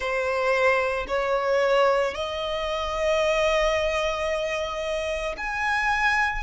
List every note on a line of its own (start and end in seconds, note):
0.00 1.06 C5
1.07 2.14 C#5
2.14 5.35 D#5
5.37 6.43 G#5